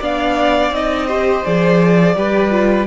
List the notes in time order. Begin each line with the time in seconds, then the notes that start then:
0.00 B3 D4 D5 F5
0.72 C4 D#4 D#5
1.07 G4 C5
1.45 F3 G#4 D5
2.16 G3 G4 B4
2.51 F4